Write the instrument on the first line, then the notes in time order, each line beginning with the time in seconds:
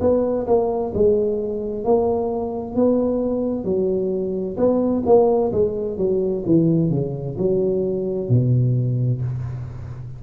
tuba
0.00 B3
0.46 A#3
0.94 G#3
1.84 A#3
2.75 B3
3.64 F#3
4.57 B3
5.06 A#3
5.52 G#3
5.97 F#3
6.45 E3
6.90 C#3
7.38 F#3
8.29 B2